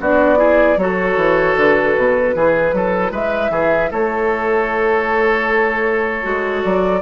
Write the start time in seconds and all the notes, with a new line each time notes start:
0.00 B3 D4 F#4 D5
0.36 E4 G#4
0.77 F#3 F#4 A4 C#5
1.16 E3
1.56 D3 B4
1.97 B2
2.35 E3 E4 G#4
2.73 F#3 A4
3.11 G#3 B4 E5
3.50 E3 G#4
3.91 A3 A4 C#5
6.23 G#3 F#4
6.63 F#3 D5